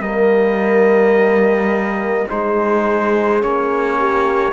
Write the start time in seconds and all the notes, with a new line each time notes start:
0.00 G3 A#3 A#4 D#5
2.28 G#3 D#4 G#4 C5
3.41 A#3 C#4 C#5
3.99 G4